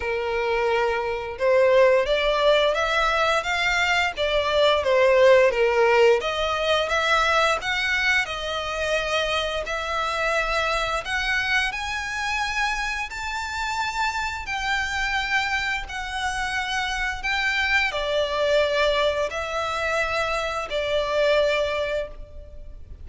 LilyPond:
\new Staff \with { instrumentName = "violin" } { \time 4/4 \tempo 4 = 87 ais'2 c''4 d''4 | e''4 f''4 d''4 c''4 | ais'4 dis''4 e''4 fis''4 | dis''2 e''2 |
fis''4 gis''2 a''4~ | a''4 g''2 fis''4~ | fis''4 g''4 d''2 | e''2 d''2 | }